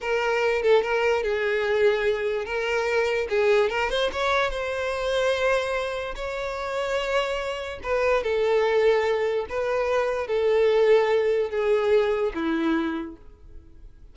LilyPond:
\new Staff \with { instrumentName = "violin" } { \time 4/4 \tempo 4 = 146 ais'4. a'8 ais'4 gis'4~ | gis'2 ais'2 | gis'4 ais'8 c''8 cis''4 c''4~ | c''2. cis''4~ |
cis''2. b'4 | a'2. b'4~ | b'4 a'2. | gis'2 e'2 | }